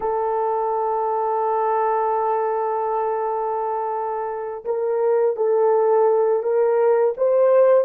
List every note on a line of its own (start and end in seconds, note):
0.00 4.64 A4
4.65 5.36 A#4
5.36 6.42 A4
6.42 7.14 A#4
7.17 7.84 C5